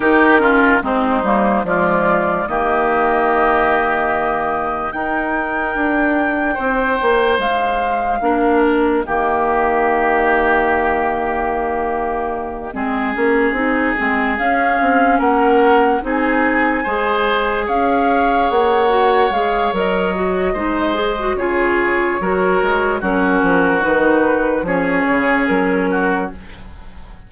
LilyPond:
<<
  \new Staff \with { instrumentName = "flute" } { \time 4/4 \tempo 4 = 73 ais'4 c''4 d''4 dis''4~ | dis''2 g''2~ | g''4 f''4. dis''4.~ | dis''1~ |
dis''4. f''4 fis''4 gis''8~ | gis''4. f''4 fis''4 f''8 | dis''2 cis''2 | ais'4 b'4 cis''4 ais'4 | }
  \new Staff \with { instrumentName = "oboe" } { \time 4/4 g'8 f'8 dis'4 f'4 g'4~ | g'2 ais'2 | c''2 ais'4 g'4~ | g'2.~ g'8 gis'8~ |
gis'2~ gis'8 ais'4 gis'8~ | gis'8 c''4 cis''2~ cis''8~ | cis''4 c''4 gis'4 ais'4 | fis'2 gis'4. fis'8 | }
  \new Staff \with { instrumentName = "clarinet" } { \time 4/4 dis'8 cis'8 c'8 ais8 gis4 ais4~ | ais2 dis'2~ | dis'2 d'4 ais4~ | ais2.~ ais8 c'8 |
cis'8 dis'8 c'8 cis'2 dis'8~ | dis'8 gis'2~ gis'8 fis'8 gis'8 | ais'8 fis'8 dis'8 gis'16 fis'16 f'4 fis'4 | cis'4 dis'4 cis'2 | }
  \new Staff \with { instrumentName = "bassoon" } { \time 4/4 dis4 gis8 g8 f4 dis4~ | dis2 dis'4 d'4 | c'8 ais8 gis4 ais4 dis4~ | dis2.~ dis8 gis8 |
ais8 c'8 gis8 cis'8 c'8 ais4 c'8~ | c'8 gis4 cis'4 ais4 gis8 | fis4 gis4 cis4 fis8 gis8 | fis8 f8 dis4 f8 cis8 fis4 | }
>>